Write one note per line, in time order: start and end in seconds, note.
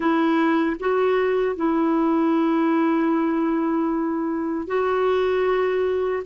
0.00 0.76 E4
0.79 1.55 F#4
1.55 4.67 E4
4.67 6.23 F#4